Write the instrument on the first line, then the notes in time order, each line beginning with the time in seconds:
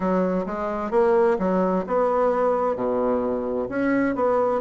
bassoon
0.00 F#3
0.46 G#3
0.91 A#3
1.38 F#3
1.87 B3
2.75 B2
3.69 C#4
4.15 B3